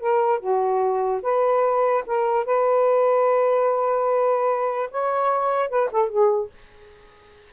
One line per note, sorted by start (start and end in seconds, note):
0.00 0.40 A#4
0.40 1.21 F#4
1.23 2.04 B4
2.07 2.45 A#4
2.45 4.90 B4
4.91 5.69 C#5
5.69 5.90 B4
5.91 6.09 A4
6.09 6.50 G#4